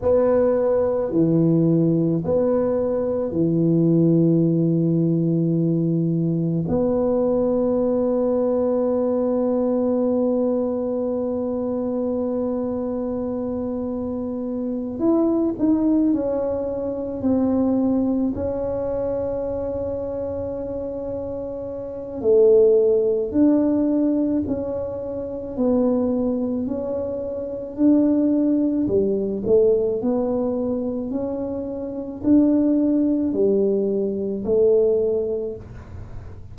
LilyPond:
\new Staff \with { instrumentName = "tuba" } { \time 4/4 \tempo 4 = 54 b4 e4 b4 e4~ | e2 b2~ | b1~ | b4. e'8 dis'8 cis'4 c'8~ |
c'8 cis'2.~ cis'8 | a4 d'4 cis'4 b4 | cis'4 d'4 g8 a8 b4 | cis'4 d'4 g4 a4 | }